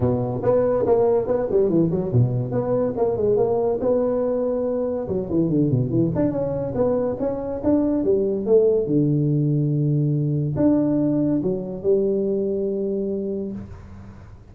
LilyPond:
\new Staff \with { instrumentName = "tuba" } { \time 4/4 \tempo 4 = 142 b,4 b4 ais4 b8 g8 | e8 fis8 b,4 b4 ais8 gis8 | ais4 b2. | fis8 e8 d8 b,8 e8 d'8 cis'4 |
b4 cis'4 d'4 g4 | a4 d2.~ | d4 d'2 fis4 | g1 | }